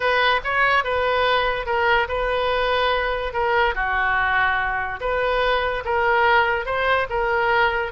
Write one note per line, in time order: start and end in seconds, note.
0.00 0.40 B4
0.44 0.84 C#5
0.84 1.66 B4
1.66 2.07 A#4
2.08 3.33 B4
3.33 3.75 A#4
3.75 5.00 F#4
5.00 5.83 B4
5.84 6.65 A#4
6.65 7.07 C5
7.09 7.92 A#4